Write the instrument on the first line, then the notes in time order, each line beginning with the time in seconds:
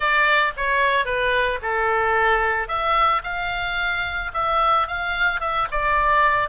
oboe
0.00 D5
0.56 C#5
1.05 B4
1.62 A4
2.68 E5
3.23 F5
4.33 E5
4.87 F5
5.40 E5
5.71 D5